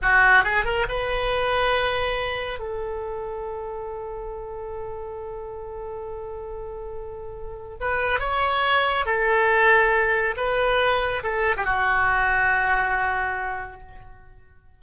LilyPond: \new Staff \with { instrumentName = "oboe" } { \time 4/4 \tempo 4 = 139 fis'4 gis'8 ais'8 b'2~ | b'2 a'2~ | a'1~ | a'1~ |
a'2 b'4 cis''4~ | cis''4 a'2. | b'2 a'8. g'16 fis'4~ | fis'1 | }